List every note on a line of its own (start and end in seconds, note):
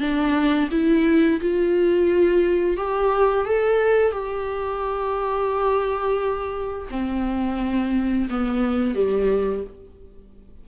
0.00 0.69 D4
0.71 1.40 E4
1.40 2.77 F4
2.77 3.45 G4
3.45 4.12 A4
4.12 6.88 G4
6.91 8.29 C4
8.30 8.95 B3
8.95 9.64 G3